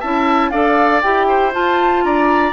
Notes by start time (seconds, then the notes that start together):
0.00 C#4 E4 E5 A5
0.50 D4 A4 D5 F5
1.02 E4 G4 G5
1.28 C5
1.52 F4 A5
2.04 D4 D5 A#5